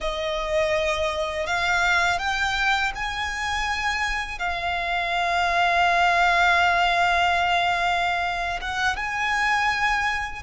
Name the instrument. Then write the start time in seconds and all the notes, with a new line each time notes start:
violin
0.00 D#5
1.46 F5
2.18 G5
2.95 G#5
4.38 F5
8.61 F#5
8.96 G#5